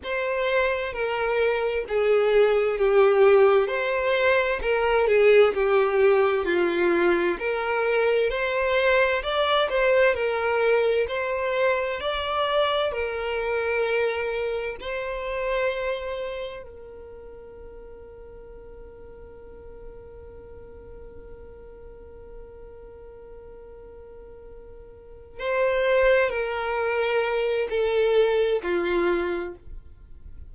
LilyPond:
\new Staff \with { instrumentName = "violin" } { \time 4/4 \tempo 4 = 65 c''4 ais'4 gis'4 g'4 | c''4 ais'8 gis'8 g'4 f'4 | ais'4 c''4 d''8 c''8 ais'4 | c''4 d''4 ais'2 |
c''2 ais'2~ | ais'1~ | ais'2.~ ais'8 c''8~ | c''8 ais'4. a'4 f'4 | }